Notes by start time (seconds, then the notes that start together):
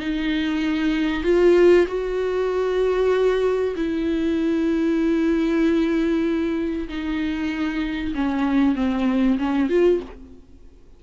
0.00 D#4
1.24 F4
1.88 F#4
3.76 E4
6.89 D#4
8.15 C#4
8.76 C4
9.38 C#4
9.70 F4